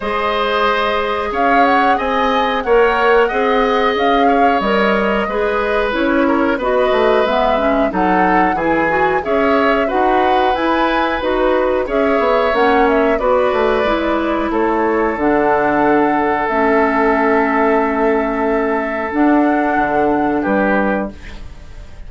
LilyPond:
<<
  \new Staff \with { instrumentName = "flute" } { \time 4/4 \tempo 4 = 91 dis''2 f''8 fis''8 gis''4 | fis''2 f''4 dis''4~ | dis''4 cis''4 dis''4 e''4 | fis''4 gis''4 e''4 fis''4 |
gis''4 b'4 e''4 fis''8 e''8 | d''2 cis''4 fis''4~ | fis''4 e''2.~ | e''4 fis''2 b'4 | }
  \new Staff \with { instrumentName = "oboe" } { \time 4/4 c''2 cis''4 dis''4 | cis''4 dis''4. cis''4. | b'4. ais'8 b'2 | a'4 gis'4 cis''4 b'4~ |
b'2 cis''2 | b'2 a'2~ | a'1~ | a'2. g'4 | }
  \new Staff \with { instrumentName = "clarinet" } { \time 4/4 gis'1 | ais'4 gis'2 ais'4 | gis'4 e'4 fis'4 b8 cis'8 | dis'4 e'8 fis'8 gis'4 fis'4 |
e'4 fis'4 gis'4 cis'4 | fis'4 e'2 d'4~ | d'4 cis'2.~ | cis'4 d'2. | }
  \new Staff \with { instrumentName = "bassoon" } { \time 4/4 gis2 cis'4 c'4 | ais4 c'4 cis'4 g4 | gis4 cis'4 b8 a8 gis4 | fis4 e4 cis'4 dis'4 |
e'4 dis'4 cis'8 b8 ais4 | b8 a8 gis4 a4 d4~ | d4 a2.~ | a4 d'4 d4 g4 | }
>>